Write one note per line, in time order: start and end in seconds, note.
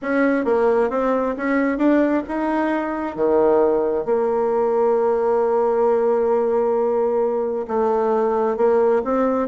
0.01 0.44 C#4
0.44 0.89 A#3
0.90 1.35 C4
1.37 1.77 C#4
1.77 2.22 D4
2.28 3.15 D#4
3.15 4.05 D#3
4.05 7.66 A#3
7.67 8.57 A3
8.57 9.02 A#3
9.04 9.48 C4